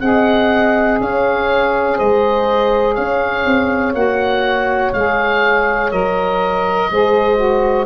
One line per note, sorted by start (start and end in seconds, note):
0.00 0.99 C4
0.00 3.94 G#4
0.00 1.02 D#5
0.00 0.98 F#5
1.00 1.98 C#4
1.00 1.97 C#5
1.00 1.98 F5
1.97 2.97 G#3
1.97 2.95 C5
1.97 2.94 D#5
2.94 3.45 C#4
2.94 6.88 C#5
2.94 3.93 F5
3.45 3.94 C4
3.94 4.92 A#3
3.94 4.92 F#4
3.94 4.93 F#5
4.93 5.92 G#3
4.93 5.91 G#4
4.93 5.91 F5
5.91 6.90 F#3
5.91 6.90 A#4
5.91 7.86 D#5
6.91 7.86 G#3
6.91 7.36 G#4
6.91 7.86 C5
7.36 7.85 F#4